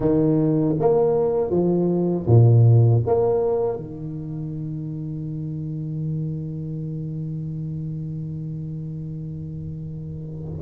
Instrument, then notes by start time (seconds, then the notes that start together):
tuba
0.00 D#3
0.79 A#3
1.50 F3
2.26 A#2
3.06 A#3
3.76 D#3